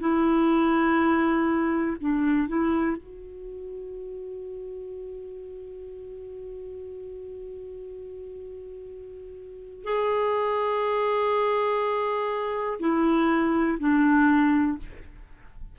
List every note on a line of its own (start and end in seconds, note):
0.00 1.96 E4
2.00 2.48 D4
2.48 2.97 E4
2.97 9.84 F#4
9.84 12.79 G#4
12.79 13.77 E4
13.79 14.78 D4